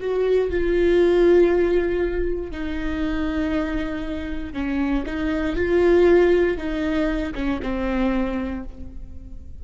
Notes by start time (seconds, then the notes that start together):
0.00 F#4
0.51 F4
2.52 D#4
4.54 C#4
5.06 D#4
5.56 F4
6.58 D#4
7.35 C#4
7.63 C4